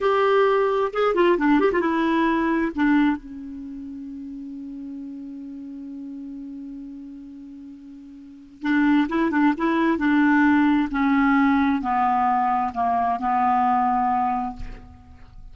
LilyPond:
\new Staff \with { instrumentName = "clarinet" } { \time 4/4 \tempo 4 = 132 g'2 gis'8 f'8 d'8 g'16 f'16 | e'2 d'4 cis'4~ | cis'1~ | cis'1~ |
cis'2. d'4 | e'8 d'8 e'4 d'2 | cis'2 b2 | ais4 b2. | }